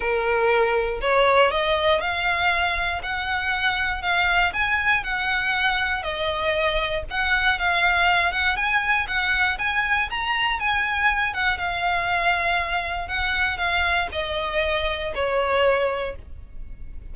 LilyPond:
\new Staff \with { instrumentName = "violin" } { \time 4/4 \tempo 4 = 119 ais'2 cis''4 dis''4 | f''2 fis''2 | f''4 gis''4 fis''2 | dis''2 fis''4 f''4~ |
f''8 fis''8 gis''4 fis''4 gis''4 | ais''4 gis''4. fis''8 f''4~ | f''2 fis''4 f''4 | dis''2 cis''2 | }